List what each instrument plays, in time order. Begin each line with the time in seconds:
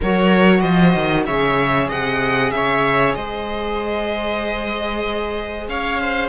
0.00 cello F#3, saxophone F#4, viola A#4, violin C#5
0.60 cello F3, viola C5, violin D#5
0.94 cello D#3
1.26 cello C#3, saxophone G#4, viola C#5, violin E5
1.88 cello C3, viola D#5, violin F#5
2.51 cello C#3, viola C#5, violin E5
3.14 cello G#3, viola C5, violin D#5
5.68 cello C#4, viola C#5, violin F5
6.01 viola C5